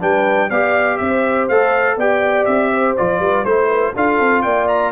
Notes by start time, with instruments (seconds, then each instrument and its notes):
0.00 tuba G3, trombone D4, horn B4, trumpet G5
0.48 tuba B3, trombone G4, horn D5, trumpet F5
0.97 tuba C4, horn C5, trumpet E5
1.48 tuba A3, trombone A4, trumpet F5
1.97 tuba B3, trombone G4, horn D5, trumpet G5
2.45 tuba C4, trumpet E5
2.73 horn C5
2.97 tuba F3, trombone F4, trumpet D5
3.19 tuba G3, horn B4
3.44 tuba A3, trombone E4, horn C5, trumpet C5
3.66 horn B4
3.95 tuba D4, trombone F4, horn A4, trumpet F5
4.20 tuba C4
4.42 tuba A#3, horn D5, trumpet G5
4.68 trumpet A#5